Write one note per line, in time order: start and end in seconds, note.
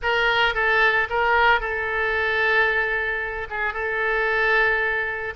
0.02 0.54 A#4
0.54 1.08 A4
1.09 1.60 A#4
1.60 3.48 A4
3.50 3.73 G#4
3.73 5.34 A4